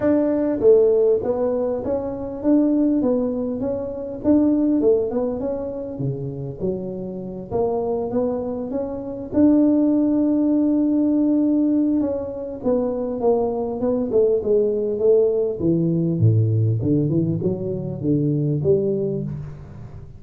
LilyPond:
\new Staff \with { instrumentName = "tuba" } { \time 4/4 \tempo 4 = 100 d'4 a4 b4 cis'4 | d'4 b4 cis'4 d'4 | a8 b8 cis'4 cis4 fis4~ | fis8 ais4 b4 cis'4 d'8~ |
d'1 | cis'4 b4 ais4 b8 a8 | gis4 a4 e4 a,4 | d8 e8 fis4 d4 g4 | }